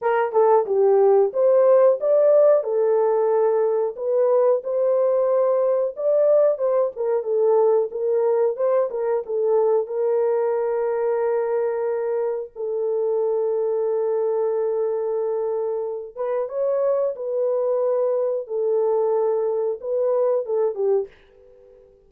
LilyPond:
\new Staff \with { instrumentName = "horn" } { \time 4/4 \tempo 4 = 91 ais'8 a'8 g'4 c''4 d''4 | a'2 b'4 c''4~ | c''4 d''4 c''8 ais'8 a'4 | ais'4 c''8 ais'8 a'4 ais'4~ |
ais'2. a'4~ | a'1~ | a'8 b'8 cis''4 b'2 | a'2 b'4 a'8 g'8 | }